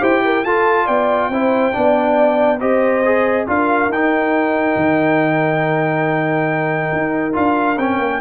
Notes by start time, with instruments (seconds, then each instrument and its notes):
0.00 tuba E4, trombone G4, horn C5, trumpet G5
0.25 horn A#4
0.45 tuba F4, trombone F4, horn A4, trumpet A5
0.85 tuba B3, horn D5, trumpet G5
1.29 tuba C4, trombone E4, horn C5
1.73 tuba B3, trombone D4, horn D5
2.60 tuba C4, trombone G4, horn C5, trumpet D#5
3.05 trombone G#4
3.47 tuba D4, trombone F4, horn A#4, trumpet F5
3.89 tuba D#4, trombone D#4, trumpet G5
4.76 tuba D#3
6.92 tuba D#4
7.33 tuba D4, trombone F4, trumpet F5
7.77 tuba C4, trombone C#4, trumpet G5
7.99 tuba A#3